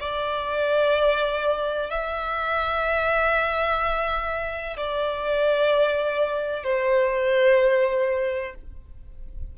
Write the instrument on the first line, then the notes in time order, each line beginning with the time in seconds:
violin
0.00 D5
1.90 E5
4.77 D5
6.64 C5